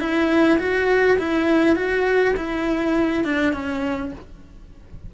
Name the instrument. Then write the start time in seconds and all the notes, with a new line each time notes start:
cello
0.00 E4
0.59 F#4
1.19 E4
1.76 F#4
2.37 E4
3.25 D4
3.53 C#4